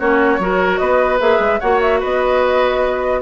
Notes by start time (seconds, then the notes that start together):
0.00 A#3 C#4 F#4 C#5
0.39 F#3 F#4 A#4
0.78 B3 B4 D#5
1.19 A#3 G#4 E5
1.40 G#3
1.60 A#3 F#4 C#5 F#5
1.81 E5
2.00 B3 B4 D#5